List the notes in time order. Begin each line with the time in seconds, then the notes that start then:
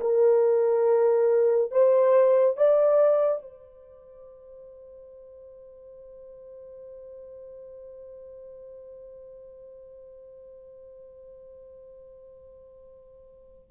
0.00 A#4
1.71 C5
2.57 D5
3.42 C5